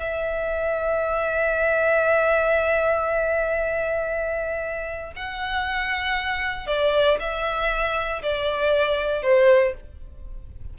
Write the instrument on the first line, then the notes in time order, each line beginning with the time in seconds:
violin
0.00 E5
5.17 F#5
6.67 D5
7.20 E5
8.23 D5
9.23 C5